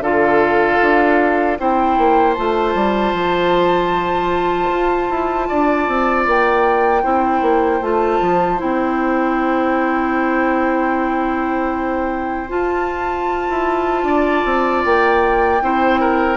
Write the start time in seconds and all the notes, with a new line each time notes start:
0.00 D3 F4 A4 F5
0.82 D4
1.58 C4 E4 C5 G5
1.98 A#3
2.33 A3 F4 A5
2.74 G3
3.13 F3
4.69 F4
5.09 E4
5.48 D4 D5
5.87 C4
6.26 A#3 G5
7.02 C4 E4 C5
7.41 A#3
7.81 A3 F4 A5
8.21 F3
8.57 C4 E4 G5
12.48 F4 A5
13.49 E4
14.03 D4 D5
14.45 C4
14.84 A#3 G5
15.61 C4 E4 C5
16.00 A#4